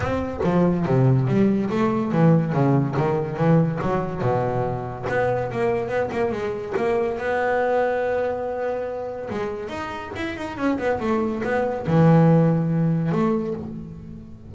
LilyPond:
\new Staff \with { instrumentName = "double bass" } { \time 4/4 \tempo 4 = 142 c'4 f4 c4 g4 | a4 e4 cis4 dis4 | e4 fis4 b,2 | b4 ais4 b8 ais8 gis4 |
ais4 b2.~ | b2 gis4 dis'4 | e'8 dis'8 cis'8 b8 a4 b4 | e2. a4 | }